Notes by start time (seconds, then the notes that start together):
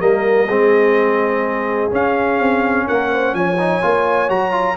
0.00 G3 A#3 A#4 D#5
0.48 G#3 C4 G#4
1.91 C#4 F5
2.39 C4
2.87 A#3 A#4 F#5
3.12 C5
3.34 F3 C#5 G#5
3.59 D#4
3.82 A#3 F4
4.29 F#3 F#4 A#5
4.51 F4